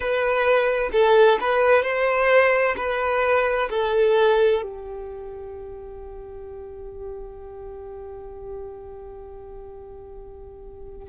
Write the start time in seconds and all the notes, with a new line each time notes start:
0.00 B4
0.92 A4
1.40 B4
1.82 C5
2.77 B4
3.70 A4
4.62 G4